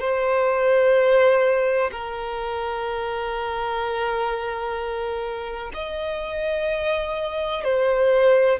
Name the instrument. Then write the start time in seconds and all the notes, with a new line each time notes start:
violin
0.00 C5
1.91 A#4
5.74 D#5
7.65 C5